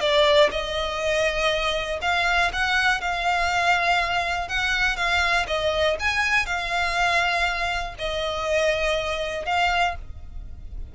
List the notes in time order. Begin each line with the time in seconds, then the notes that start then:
0.00 D5
0.51 D#5
2.02 F5
2.53 F#5
3.00 F5
4.48 F#5
4.96 F5
5.47 D#5
5.99 G#5
6.46 F5
7.98 D#5
9.45 F5